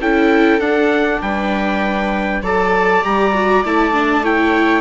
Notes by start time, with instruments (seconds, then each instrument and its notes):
0.00 bassoon C#4, viola E4 A4, trumpet G5
0.59 bassoon D4, viola D4, trumpet F#5
1.21 bassoon G3, viola B4, trumpet G5
2.41 bassoon F#3, viola A4 D5, trumpet A5
3.02 bassoon G3, viola G4, trumpet A#5
3.34 viola F#4
3.64 bassoon A3, viola E4, trumpet A5
3.93 viola D4
4.23 viola E4 C#5, trumpet G5